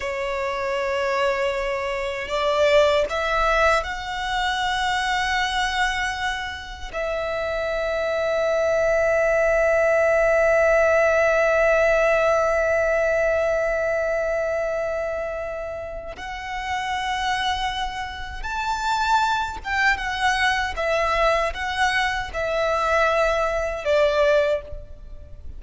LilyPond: \new Staff \with { instrumentName = "violin" } { \time 4/4 \tempo 4 = 78 cis''2. d''4 | e''4 fis''2.~ | fis''4 e''2.~ | e''1~ |
e''1~ | e''4 fis''2. | a''4. g''8 fis''4 e''4 | fis''4 e''2 d''4 | }